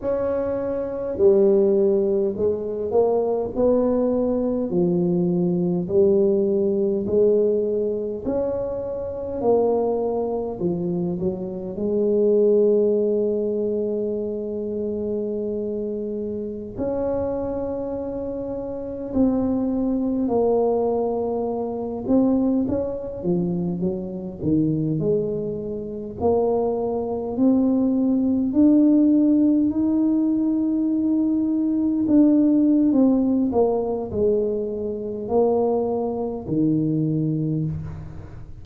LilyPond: \new Staff \with { instrumentName = "tuba" } { \time 4/4 \tempo 4 = 51 cis'4 g4 gis8 ais8 b4 | f4 g4 gis4 cis'4 | ais4 f8 fis8 gis2~ | gis2~ gis16 cis'4.~ cis'16~ |
cis'16 c'4 ais4. c'8 cis'8 f16~ | f16 fis8 dis8 gis4 ais4 c'8.~ | c'16 d'4 dis'2 d'8. | c'8 ais8 gis4 ais4 dis4 | }